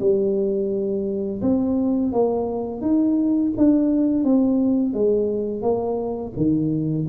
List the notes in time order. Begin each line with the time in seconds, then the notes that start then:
0.00 G3
1.41 C4
2.12 A#3
2.81 D#4
3.57 D4
4.24 C4
4.93 G#3
5.62 A#3
6.36 D#3